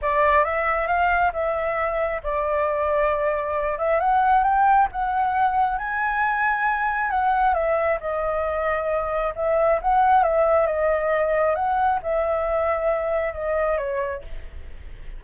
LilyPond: \new Staff \with { instrumentName = "flute" } { \time 4/4 \tempo 4 = 135 d''4 e''4 f''4 e''4~ | e''4 d''2.~ | d''8 e''8 fis''4 g''4 fis''4~ | fis''4 gis''2. |
fis''4 e''4 dis''2~ | dis''4 e''4 fis''4 e''4 | dis''2 fis''4 e''4~ | e''2 dis''4 cis''4 | }